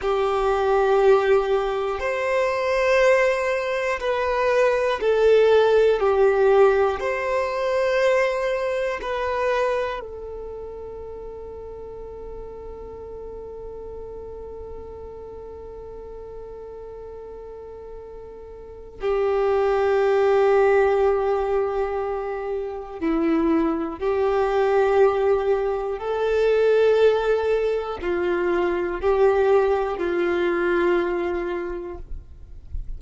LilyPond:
\new Staff \with { instrumentName = "violin" } { \time 4/4 \tempo 4 = 60 g'2 c''2 | b'4 a'4 g'4 c''4~ | c''4 b'4 a'2~ | a'1~ |
a'2. g'4~ | g'2. e'4 | g'2 a'2 | f'4 g'4 f'2 | }